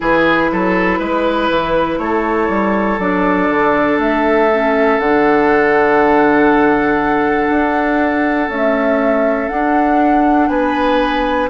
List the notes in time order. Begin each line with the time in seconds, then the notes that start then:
0.00 E3 E4 G#4 B4
0.52 F#3 A4
0.99 G#3 B4
1.50 E3
1.98 A3 A4 C#5
2.49 G3
2.99 F#3 D4 D5
3.49 D3
3.98 A3 E5
4.51 C#4
4.99 D3 D4 F#5
7.50 D4
8.48 A3 C#4 E5
9.48 D4 F#5
10.48 B3 B4 G#5